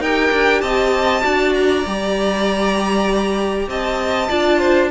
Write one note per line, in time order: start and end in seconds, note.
0.00 0.31 D#4
0.00 1.22 G4
0.00 0.62 A#4
0.00 0.61 G5
0.32 0.62 D4
0.61 1.23 C4
0.61 1.24 D#5
0.61 1.53 A5
1.22 1.86 D4
1.22 1.83 F#4
1.22 3.69 D5
1.54 3.69 A#5
1.86 3.68 G3
1.86 4.29 G4
3.68 4.29 C4
3.68 4.29 D#5
3.68 4.91 A5
4.29 4.91 D4
4.29 4.91 F4
4.29 4.59 D5
4.59 4.89 C5